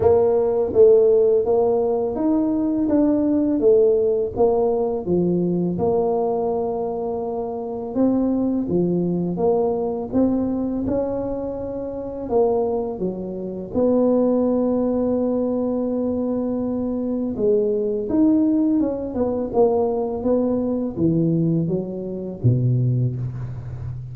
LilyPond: \new Staff \with { instrumentName = "tuba" } { \time 4/4 \tempo 4 = 83 ais4 a4 ais4 dis'4 | d'4 a4 ais4 f4 | ais2. c'4 | f4 ais4 c'4 cis'4~ |
cis'4 ais4 fis4 b4~ | b1 | gis4 dis'4 cis'8 b8 ais4 | b4 e4 fis4 b,4 | }